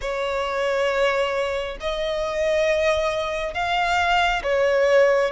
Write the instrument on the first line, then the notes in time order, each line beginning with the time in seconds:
violin
0.01 C#5
1.80 D#5
3.54 F5
4.43 C#5